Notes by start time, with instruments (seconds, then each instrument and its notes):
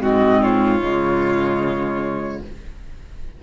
0.00 cello G#2, clarinet C4, violin F#4, flute D#5
0.43 violin F4, flute C#5
0.80 cello C#3, clarinet G#3